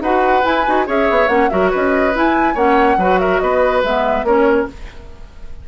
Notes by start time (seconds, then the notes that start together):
0.00 D#4 F#4 B4 F#5
0.42 E4 G#5
0.66 D#4 F#4
0.86 C#4 G#4 C#5 E5
1.10 B3
1.28 A#3 C#4 F#5
1.49 F#3 F#4 A#4 E5
1.70 C#4 B4 D#5
2.14 E4 G#5
2.54 A#3 C#4 C#5 F#5
2.97 F#3 F#4 B4
3.19 A#4 E5
3.39 B3 B4 D#5
3.83 G#3 B3 E5
4.23 A#3 C#4 A#4 C#5